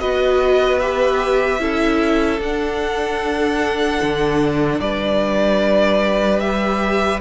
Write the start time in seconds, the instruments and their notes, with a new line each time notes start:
0.00 cello B3, viola F#4, violin B4 D#5
0.80 viola G4, violin E5
1.59 cello C#4, viola E4, violin A4
2.39 cello D4, viola D4, violin F#5
4.02 cello D3
4.80 cello G3, violin B4 D5
6.40 viola G4, violin E5